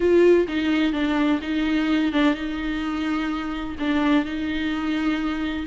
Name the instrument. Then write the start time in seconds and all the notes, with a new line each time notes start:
viola
0.00 F4
0.47 D#4
0.93 D4
1.41 D#4
2.12 D4
2.34 D#4
3.79 D4
4.25 D#4